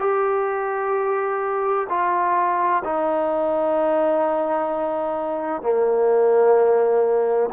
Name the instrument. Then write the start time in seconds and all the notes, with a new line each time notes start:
trombone
0.00 G4
1.90 F4
2.85 D#4
5.63 A#3